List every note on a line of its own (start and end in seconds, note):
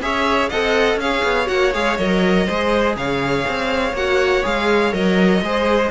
0.00 0.49 C#4
0.00 0.51 G#4
0.00 0.49 C#5
0.00 0.49 E5
0.49 0.95 C4
0.49 1.01 A4
0.49 0.99 D#5
0.49 0.98 F#5
0.95 1.20 C#4
0.95 1.46 G#4
0.95 2.46 C#5
0.95 1.48 F5
1.23 1.48 B3
1.46 1.74 A#3
1.46 1.70 F#4
1.46 1.72 F#5
1.73 1.98 G#3
1.73 1.98 G#4
1.73 1.97 F5
1.97 2.47 F#3
1.97 2.48 A#4
1.97 2.95 D#5
2.46 2.95 G#3
2.46 3.95 G#4
2.46 2.95 C5
2.95 3.44 C#3
2.95 5.43 C#5
2.95 3.95 F5
3.48 3.93 C4
3.93 4.42 A#3
3.93 4.43 F#4
3.93 4.45 F#5
4.43 4.93 G#3
4.43 4.92 G#4
4.43 4.93 F5
4.92 5.41 F#3
4.92 5.41 A#4
4.92 5.91 D#5
5.41 5.91 G#3
5.41 5.91 G#4
5.41 5.91 C5